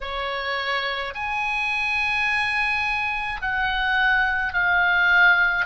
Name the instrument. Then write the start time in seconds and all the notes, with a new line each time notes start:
oboe
0.01 C#5
1.14 G#5
3.41 F#5
4.53 F5